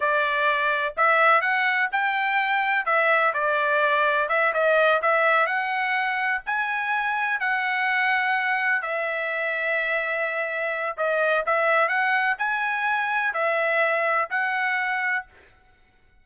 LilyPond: \new Staff \with { instrumentName = "trumpet" } { \time 4/4 \tempo 4 = 126 d''2 e''4 fis''4 | g''2 e''4 d''4~ | d''4 e''8 dis''4 e''4 fis''8~ | fis''4. gis''2 fis''8~ |
fis''2~ fis''8 e''4.~ | e''2. dis''4 | e''4 fis''4 gis''2 | e''2 fis''2 | }